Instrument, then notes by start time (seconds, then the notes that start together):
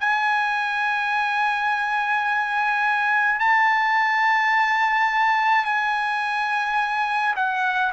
trumpet
0.00 G#5
3.40 A5
5.65 G#5
7.36 F#5